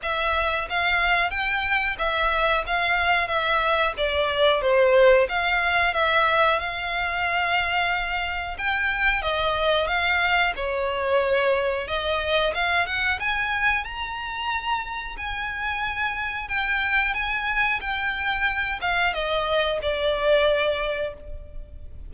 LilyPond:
\new Staff \with { instrumentName = "violin" } { \time 4/4 \tempo 4 = 91 e''4 f''4 g''4 e''4 | f''4 e''4 d''4 c''4 | f''4 e''4 f''2~ | f''4 g''4 dis''4 f''4 |
cis''2 dis''4 f''8 fis''8 | gis''4 ais''2 gis''4~ | gis''4 g''4 gis''4 g''4~ | g''8 f''8 dis''4 d''2 | }